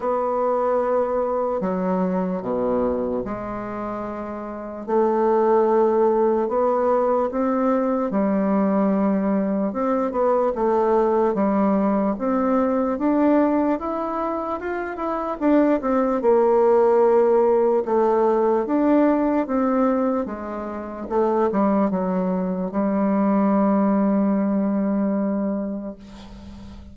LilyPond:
\new Staff \with { instrumentName = "bassoon" } { \time 4/4 \tempo 4 = 74 b2 fis4 b,4 | gis2 a2 | b4 c'4 g2 | c'8 b8 a4 g4 c'4 |
d'4 e'4 f'8 e'8 d'8 c'8 | ais2 a4 d'4 | c'4 gis4 a8 g8 fis4 | g1 | }